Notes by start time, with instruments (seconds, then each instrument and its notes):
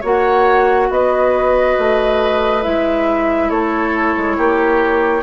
0.00 bassoon A#3, clarinet F#4, oboe C#5, flute F#5
0.89 bassoon B3, oboe B4, flute D#5
1.78 bassoon A3
2.62 bassoon G#3, clarinet E4, flute E5
3.49 bassoon A3, oboe A4, flute C#5
4.16 bassoon G#3
4.37 bassoon A#3, oboe G4